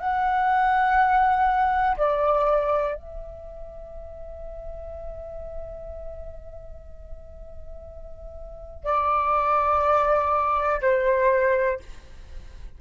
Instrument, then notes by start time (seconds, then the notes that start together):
flute
0.00 F#5
1.97 D5
2.96 E5
8.84 D5
10.82 C5